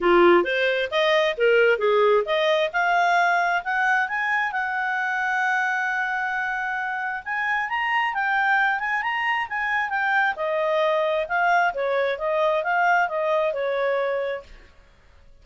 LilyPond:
\new Staff \with { instrumentName = "clarinet" } { \time 4/4 \tempo 4 = 133 f'4 c''4 dis''4 ais'4 | gis'4 dis''4 f''2 | fis''4 gis''4 fis''2~ | fis''1 |
gis''4 ais''4 g''4. gis''8 | ais''4 gis''4 g''4 dis''4~ | dis''4 f''4 cis''4 dis''4 | f''4 dis''4 cis''2 | }